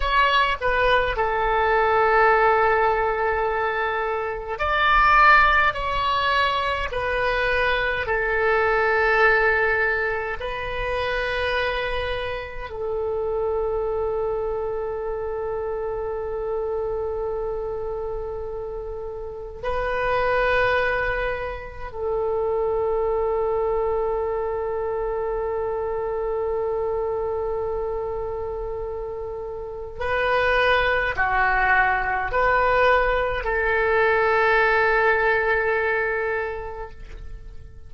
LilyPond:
\new Staff \with { instrumentName = "oboe" } { \time 4/4 \tempo 4 = 52 cis''8 b'8 a'2. | d''4 cis''4 b'4 a'4~ | a'4 b'2 a'4~ | a'1~ |
a'4 b'2 a'4~ | a'1~ | a'2 b'4 fis'4 | b'4 a'2. | }